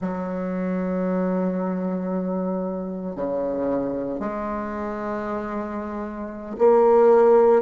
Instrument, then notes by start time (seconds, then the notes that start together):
bassoon
0.01 F#3
3.16 C#3
4.19 G#3
6.58 A#3